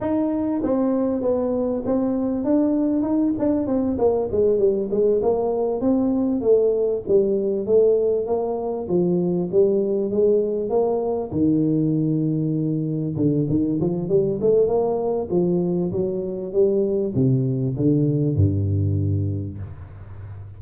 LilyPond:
\new Staff \with { instrumentName = "tuba" } { \time 4/4 \tempo 4 = 98 dis'4 c'4 b4 c'4 | d'4 dis'8 d'8 c'8 ais8 gis8 g8 | gis8 ais4 c'4 a4 g8~ | g8 a4 ais4 f4 g8~ |
g8 gis4 ais4 dis4.~ | dis4. d8 dis8 f8 g8 a8 | ais4 f4 fis4 g4 | c4 d4 g,2 | }